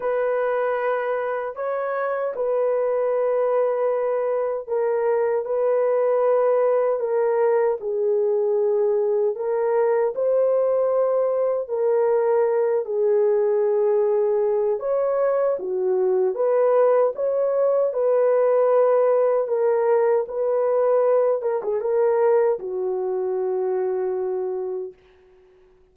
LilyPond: \new Staff \with { instrumentName = "horn" } { \time 4/4 \tempo 4 = 77 b'2 cis''4 b'4~ | b'2 ais'4 b'4~ | b'4 ais'4 gis'2 | ais'4 c''2 ais'4~ |
ais'8 gis'2~ gis'8 cis''4 | fis'4 b'4 cis''4 b'4~ | b'4 ais'4 b'4. ais'16 gis'16 | ais'4 fis'2. | }